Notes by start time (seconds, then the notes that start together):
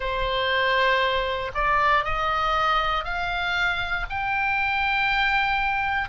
0.00 C5
1.54 D5
2.04 D#5
3.04 F5
4.09 G5